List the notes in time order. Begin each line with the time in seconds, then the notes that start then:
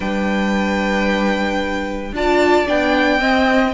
0.00 G3 D4 B4 G5
2.12 D4 F4 D5 A5
2.66 B3 D4 G5
3.19 C4 D#5